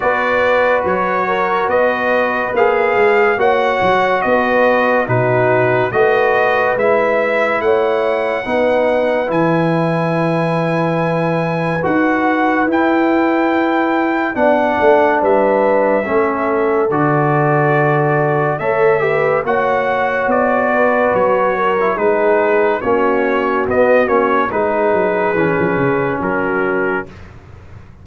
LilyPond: <<
  \new Staff \with { instrumentName = "trumpet" } { \time 4/4 \tempo 4 = 71 d''4 cis''4 dis''4 f''4 | fis''4 dis''4 b'4 dis''4 | e''4 fis''2 gis''4~ | gis''2 fis''4 g''4~ |
g''4 fis''4 e''2 | d''2 e''4 fis''4 | d''4 cis''4 b'4 cis''4 | dis''8 cis''8 b'2 ais'4 | }
  \new Staff \with { instrumentName = "horn" } { \time 4/4 b'4. ais'8 b'2 | cis''4 b'4 fis'4 b'4~ | b'4 cis''4 b'2~ | b'1~ |
b'4 d''4 b'4 a'4~ | a'2 cis''8 b'8 cis''4~ | cis''8 b'4 ais'8 gis'4 fis'4~ | fis'4 gis'2 fis'4 | }
  \new Staff \with { instrumentName = "trombone" } { \time 4/4 fis'2. gis'4 | fis'2 dis'4 fis'4 | e'2 dis'4 e'4~ | e'2 fis'4 e'4~ |
e'4 d'2 cis'4 | fis'2 a'8 g'8 fis'4~ | fis'4.~ fis'16 e'16 dis'4 cis'4 | b8 cis'8 dis'4 cis'2 | }
  \new Staff \with { instrumentName = "tuba" } { \time 4/4 b4 fis4 b4 ais8 gis8 | ais8 fis8 b4 b,4 a4 | gis4 a4 b4 e4~ | e2 dis'4 e'4~ |
e'4 b8 a8 g4 a4 | d2 a4 ais4 | b4 fis4 gis4 ais4 | b8 ais8 gis8 fis8 e16 f16 cis8 fis4 | }
>>